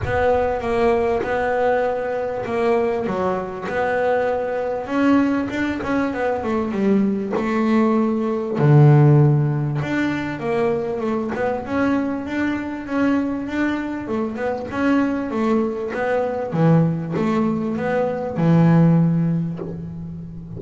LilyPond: \new Staff \with { instrumentName = "double bass" } { \time 4/4 \tempo 4 = 98 b4 ais4 b2 | ais4 fis4 b2 | cis'4 d'8 cis'8 b8 a8 g4 | a2 d2 |
d'4 ais4 a8 b8 cis'4 | d'4 cis'4 d'4 a8 b8 | cis'4 a4 b4 e4 | a4 b4 e2 | }